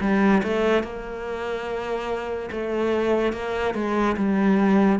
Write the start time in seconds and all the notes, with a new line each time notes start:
0.00 G3
0.43 A3
0.83 A#3
2.51 A3
3.33 A#3
3.74 G#3
4.17 G3